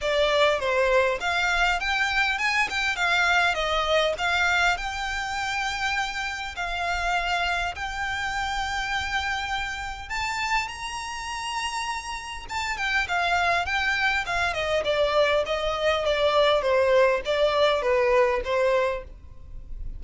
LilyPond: \new Staff \with { instrumentName = "violin" } { \time 4/4 \tempo 4 = 101 d''4 c''4 f''4 g''4 | gis''8 g''8 f''4 dis''4 f''4 | g''2. f''4~ | f''4 g''2.~ |
g''4 a''4 ais''2~ | ais''4 a''8 g''8 f''4 g''4 | f''8 dis''8 d''4 dis''4 d''4 | c''4 d''4 b'4 c''4 | }